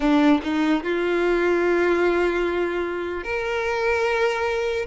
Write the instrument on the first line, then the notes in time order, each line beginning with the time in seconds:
violin
0.00 D4
0.43 D#4
0.83 F4
3.23 A#4